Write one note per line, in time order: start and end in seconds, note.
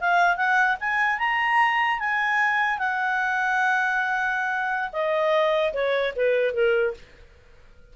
0.00 0.36 F5
0.36 0.77 F#5
0.80 1.18 G#5
1.18 1.99 A#5
1.99 2.78 G#5
2.78 4.90 F#5
4.92 5.73 D#5
5.73 6.13 C#5
6.16 6.54 B4
6.54 6.94 A#4